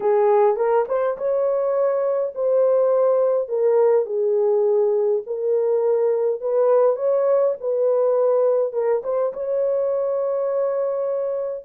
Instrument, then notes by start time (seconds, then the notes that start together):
horn
0.00 G#4
0.56 A#4
0.88 C5
1.17 C#5
2.35 C5
3.48 A#4
4.05 G#4
5.26 A#4
6.41 B4
6.96 C#5
7.60 B4
8.72 A#4
9.03 C5
9.33 C#5